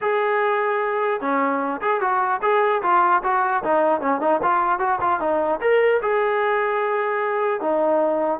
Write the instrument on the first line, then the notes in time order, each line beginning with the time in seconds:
trombone
0.01 G#4
1.20 C#4
1.81 G#4
2.01 F#4
2.41 G#4
2.82 F4
3.23 F#4
3.63 D#4
4.00 C#4
4.20 D#4
4.42 F4
4.79 F#4
5.01 F4
5.20 D#4
5.60 A#4
6.02 G#4
7.60 D#4